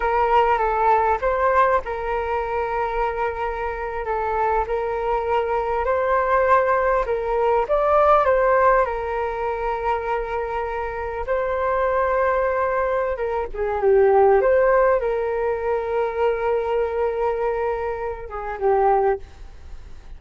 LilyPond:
\new Staff \with { instrumentName = "flute" } { \time 4/4 \tempo 4 = 100 ais'4 a'4 c''4 ais'4~ | ais'2~ ais'8. a'4 ais'16~ | ais'4.~ ais'16 c''2 ais'16~ | ais'8. d''4 c''4 ais'4~ ais'16~ |
ais'2~ ais'8. c''4~ c''16~ | c''2 ais'8 gis'8 g'4 | c''4 ais'2.~ | ais'2~ ais'8 gis'8 g'4 | }